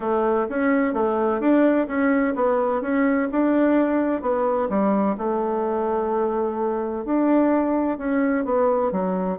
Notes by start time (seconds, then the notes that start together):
0.00 A3
0.49 C#4
0.93 A3
1.40 D4
1.87 C#4
2.35 B3
2.81 C#4
3.31 D4
4.21 B3
4.69 G3
5.17 A3
7.04 D4
7.98 C#4
8.44 B3
8.91 F#3